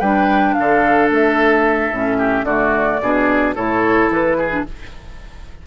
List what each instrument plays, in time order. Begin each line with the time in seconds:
0.00 bassoon G3, clarinet D4, oboe B4, flute G5
0.54 bassoon D3, oboe A4, flute F5
1.11 bassoon A3, flute E5
1.92 bassoon A2, clarinet C#4
2.18 oboe G4
2.44 bassoon D3, clarinet A3, oboe F#4, flute D5
3.02 bassoon B2, clarinet D4, oboe G#4
3.56 bassoon A2, clarinet E4, oboe A4, flute C#5
4.11 bassoon E3, flute B4
4.38 oboe G#4
4.51 clarinet D4